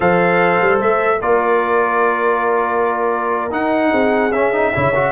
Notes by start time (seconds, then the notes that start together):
0.00 F3 A4 C5 F5
0.61 G3
0.80 A3 E5
1.21 A#3 F4 A#4 D5
3.50 D#4 F#5
3.91 C4 G#4
4.32 C#4 E5
4.53 D#4
4.73 C#3 E4 C#5
4.95 F#4